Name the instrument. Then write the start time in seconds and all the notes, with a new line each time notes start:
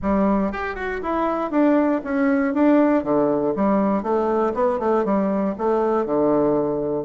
bassoon
0.02 G3
0.52 G4
0.75 F#4
1.02 E4
1.50 D4
2.04 C#4
2.53 D4
3.03 D3
3.55 G3
4.02 A3
4.54 B3
4.79 A3
5.04 G3
5.58 A3
6.05 D3